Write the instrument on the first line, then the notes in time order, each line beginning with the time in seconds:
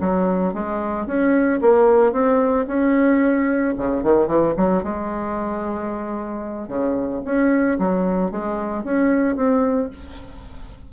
bassoon
0.00 F#3
0.53 G#3
1.06 C#4
1.61 A#3
2.12 C4
2.67 C#4
3.77 C#3
4.03 D#3
4.27 E3
4.57 F#3
4.83 G#3
6.68 C#3
7.24 C#4
7.79 F#3
8.31 G#3
8.83 C#4
9.36 C4